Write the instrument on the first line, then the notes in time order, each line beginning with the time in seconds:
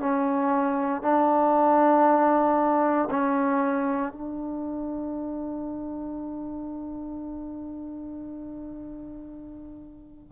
trombone
0.00 C#4
1.02 D4
3.11 C#4
4.12 D4